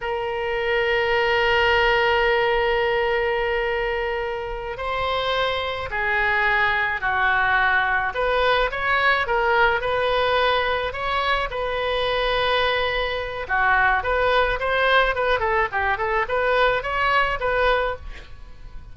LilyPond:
\new Staff \with { instrumentName = "oboe" } { \time 4/4 \tempo 4 = 107 ais'1~ | ais'1~ | ais'8 c''2 gis'4.~ | gis'8 fis'2 b'4 cis''8~ |
cis''8 ais'4 b'2 cis''8~ | cis''8 b'2.~ b'8 | fis'4 b'4 c''4 b'8 a'8 | g'8 a'8 b'4 cis''4 b'4 | }